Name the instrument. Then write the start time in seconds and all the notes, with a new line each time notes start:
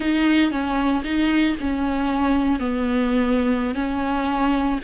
viola
0.00 D#4
0.51 C#4
1.03 D#4
1.60 C#4
2.59 B3
3.74 C#4